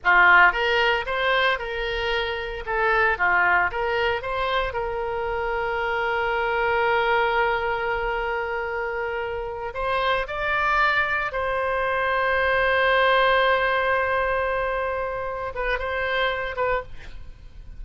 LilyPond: \new Staff \with { instrumentName = "oboe" } { \time 4/4 \tempo 4 = 114 f'4 ais'4 c''4 ais'4~ | ais'4 a'4 f'4 ais'4 | c''4 ais'2.~ | ais'1~ |
ais'2~ ais'8 c''4 d''8~ | d''4. c''2~ c''8~ | c''1~ | c''4. b'8 c''4. b'8 | }